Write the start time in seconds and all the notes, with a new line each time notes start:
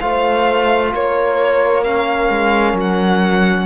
0.00 A3 F4 C5 F5
0.93 A#3 A#4 C#5
1.84 C#4 F5
2.29 G#3
2.73 F#3
2.80 F#5